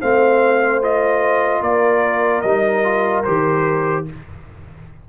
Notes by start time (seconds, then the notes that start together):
0.00 A3 C4 C5 F5
0.82 F4 D#5
1.61 A#3 A#4 D5
2.42 G3 D#4 D#5
2.84 F4
3.24 D#3 G4 C5